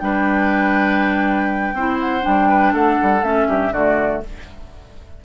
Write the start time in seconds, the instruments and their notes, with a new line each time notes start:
0.00 bassoon G3, clarinet D4, oboe B4, flute G5
1.73 bassoon C4, clarinet E4, oboe C5
2.01 flute F#5
2.21 bassoon G3, clarinet D4, flute G5
2.49 oboe B4
2.73 bassoon A3, oboe A4, flute F#5
3.03 bassoon G3
3.23 bassoon A3, clarinet C#4, flute E5
3.48 bassoon G2, oboe G4
3.72 bassoon D3, clarinet A3, oboe F#4, flute D5